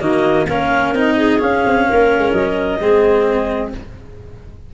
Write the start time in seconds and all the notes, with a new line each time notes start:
0.00 D#3 A#3 F#4 D#5
0.46 A#3 C#4 A#4 F5
0.93 C4 D#4 D#5
1.17 G#4
1.39 C#4 F5
1.66 C4
1.88 A#3 A#4
2.18 G#3
2.32 F#3 D#5
2.80 G#3 C4 G#4